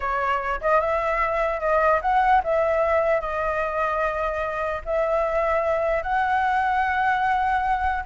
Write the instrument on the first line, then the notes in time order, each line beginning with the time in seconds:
flute
0.00 C#5
0.61 D#5
0.80 E5
1.60 D#5
2.01 F#5
2.43 E5
3.20 D#5
4.85 E5
6.02 F#5